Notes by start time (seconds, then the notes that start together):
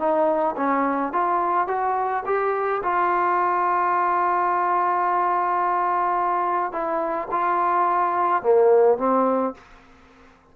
0.00 D#4
0.57 C#4
1.13 F4
1.68 F#4
2.26 G4
2.83 F4
6.73 E4
7.32 F4
8.43 A#3
8.98 C4